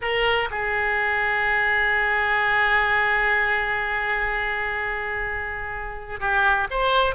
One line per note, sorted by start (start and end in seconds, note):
0.01 0.49 A#4
0.50 6.20 G#4
6.20 6.67 G4
6.70 7.15 C5